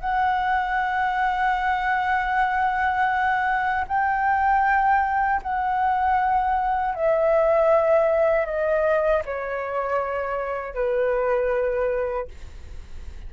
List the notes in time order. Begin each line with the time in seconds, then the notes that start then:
0.00 F#5
3.87 G5
5.42 F#5
6.95 E5
8.45 D#5
9.25 C#5
10.74 B4